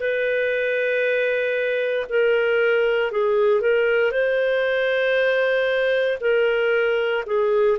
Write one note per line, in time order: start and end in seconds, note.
0.00 2.07 B4
2.09 3.11 A#4
3.11 3.61 G#4
3.61 4.11 A#4
4.11 6.18 C5
6.21 7.24 A#4
7.26 7.78 G#4